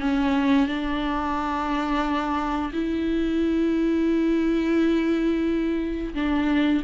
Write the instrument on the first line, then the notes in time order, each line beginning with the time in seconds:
viola
0.00 C#4
0.67 D4
2.73 E4
6.14 D4